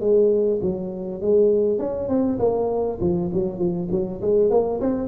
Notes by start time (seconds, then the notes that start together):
0.00 G#3
0.62 F#3
1.21 G#3
1.79 C#4
2.08 C4
2.39 A#3
3.01 F3
3.33 F#3
3.58 F3
3.91 F#3
4.21 G#3
4.50 A#3
4.81 C4